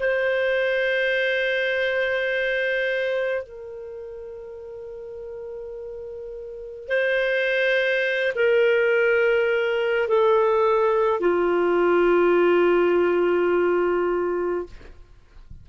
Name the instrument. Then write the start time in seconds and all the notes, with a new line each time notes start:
clarinet
0.00 C5
3.43 A#4
6.89 C5
8.36 A#4
10.09 A4
11.20 F4